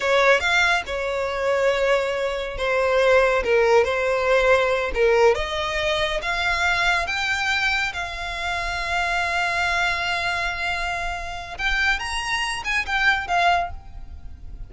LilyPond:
\new Staff \with { instrumentName = "violin" } { \time 4/4 \tempo 4 = 140 cis''4 f''4 cis''2~ | cis''2 c''2 | ais'4 c''2~ c''8 ais'8~ | ais'8 dis''2 f''4.~ |
f''8 g''2 f''4.~ | f''1~ | f''2. g''4 | ais''4. gis''8 g''4 f''4 | }